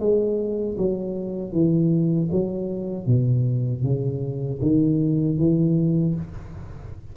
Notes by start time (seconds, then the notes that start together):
0.00 G#3
0.78 F#3
1.53 E3
2.32 F#3
3.07 B2
3.84 C#3
4.62 D#3
5.38 E3